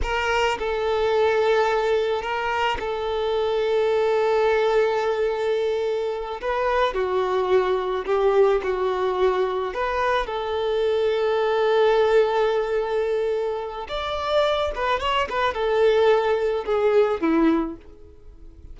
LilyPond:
\new Staff \with { instrumentName = "violin" } { \time 4/4 \tempo 4 = 108 ais'4 a'2. | ais'4 a'2.~ | a'2.~ a'8 b'8~ | b'8 fis'2 g'4 fis'8~ |
fis'4. b'4 a'4.~ | a'1~ | a'4 d''4. b'8 cis''8 b'8 | a'2 gis'4 e'4 | }